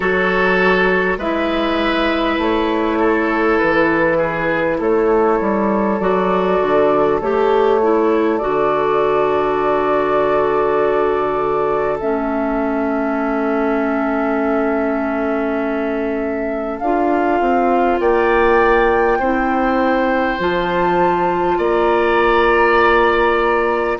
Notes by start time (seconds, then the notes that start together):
0.00 F#3 F#4 A4 C#5
1.17 G#3 E4 B4 E5
2.38 A3 C#5
2.99 A4
3.58 E3 B4
4.17 G#4
4.78 A3 A4 C#5
5.41 G3
5.99 F#3 F#4 D5
6.61 D3
7.20 A3 G4 C#5
7.82 E4
8.38 D3 F#4 D5
11.99 A3 C#4 E5
16.78 D4 F4 F5
17.40 C4
17.99 A#3 D5 G5
19.18 C4 E4 C5
20.39 F3 F4 A5
21.57 A#3 D5 A#5